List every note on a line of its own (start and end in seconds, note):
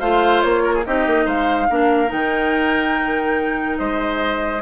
0.00 0.43 A3
0.00 0.86 F4
0.00 0.64 C5
0.00 0.42 F5
0.42 0.86 A#3
0.42 0.83 C#5
0.64 0.75 A#4
0.75 0.85 G#4
0.86 1.07 C4
0.86 1.70 D#4
0.86 1.26 G4
0.86 1.28 D#5
1.07 1.27 A#3
1.26 1.69 G#3
1.26 1.68 C5
1.26 2.12 F5
1.70 2.13 A#3
1.70 2.08 D4
1.70 3.79 A#4
2.08 3.80 D#3
2.08 4.60 D#4
2.08 3.78 G5
3.78 4.62 G#3
3.78 4.62 C5
3.78 4.62 D#5